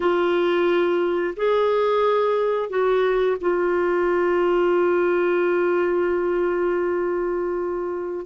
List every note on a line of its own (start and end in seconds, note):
0.00 1.34 F4
1.36 2.69 G#4
2.69 3.36 F#4
3.40 8.26 F4